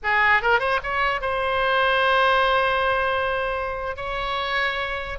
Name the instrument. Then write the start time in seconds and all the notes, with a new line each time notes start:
oboe
0.03 G#4
0.42 A#4
0.59 C5
0.83 C#5
1.21 C5
3.96 C#5